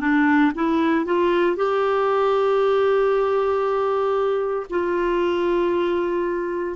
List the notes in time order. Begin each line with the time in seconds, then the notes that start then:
0.00 D4
0.55 E4
1.05 F4
1.56 G4
4.70 F4